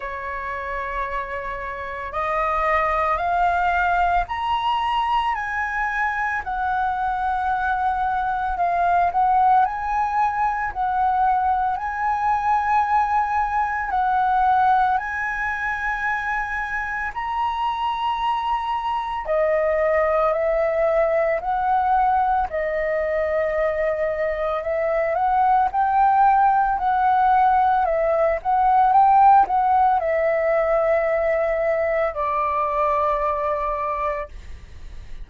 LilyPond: \new Staff \with { instrumentName = "flute" } { \time 4/4 \tempo 4 = 56 cis''2 dis''4 f''4 | ais''4 gis''4 fis''2 | f''8 fis''8 gis''4 fis''4 gis''4~ | gis''4 fis''4 gis''2 |
ais''2 dis''4 e''4 | fis''4 dis''2 e''8 fis''8 | g''4 fis''4 e''8 fis''8 g''8 fis''8 | e''2 d''2 | }